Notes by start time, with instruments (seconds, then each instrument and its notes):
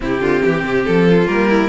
0.00 cello C3, viola C4, violin E4 G4
0.20 cello D3, violin F4
0.45 cello E3, violin G4
0.64 cello C3
0.85 cello F3, violin A4
1.09 violin F4
1.26 cello G3, viola A#3, violin A#4
1.49 violin E4